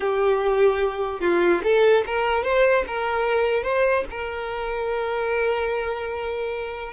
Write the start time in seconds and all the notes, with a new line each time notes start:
0.00 G4
1.20 F4
1.63 A4
2.06 A#4
2.43 C5
2.87 A#4
3.63 C5
4.10 A#4